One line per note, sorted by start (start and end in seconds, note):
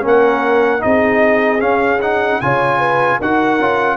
0.00 0.83 A#3
0.00 0.79 C#4
0.00 0.83 A#4
0.07 0.82 F#5
0.79 1.62 C4
0.79 1.58 D#4
0.79 2.42 G#4
0.79 1.61 D#5
1.59 1.98 C#4
1.59 2.41 C#4
1.59 2.00 F5
2.01 2.42 D#4
2.01 2.41 F#5
2.41 3.20 C#3
2.41 3.21 F4
2.41 2.78 C#5
2.41 3.20 G#5
2.78 3.18 B4
3.19 3.59 D#4
3.19 3.60 F#4
3.19 3.97 A#4
3.19 3.97 F#5
3.59 3.97 C#4
3.59 3.97 F4